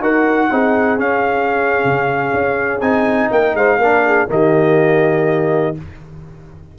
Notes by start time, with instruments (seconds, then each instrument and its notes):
0.00 tuba D#4, trombone F#4, horn A#4, trumpet F#5
0.51 tuba C4, trombone D#4, horn G#4
0.98 trombone C#4, tuba C#4, trumpet F5
1.84 tuba C#3
2.33 tuba C#4
2.81 tuba C4, trombone D#4, trumpet G#5
3.31 tuba A#3, horn A#4, trumpet G5
3.54 tuba G#3, horn C5, trumpet F5
3.78 tuba A#3, trombone D4
3.85 horn A#4
4.06 horn G#4
4.28 tuba D#3, trombone A#3, horn G4, trumpet D#5